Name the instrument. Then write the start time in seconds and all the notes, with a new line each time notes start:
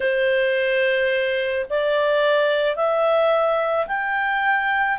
clarinet
0.00 C5
1.69 D5
2.76 E5
3.87 G5